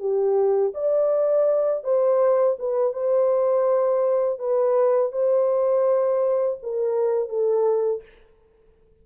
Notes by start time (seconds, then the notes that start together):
0.00 G4
0.75 D5
1.84 C5
2.59 B4
2.93 C5
4.39 B4
5.13 C5
6.63 A#4
7.29 A4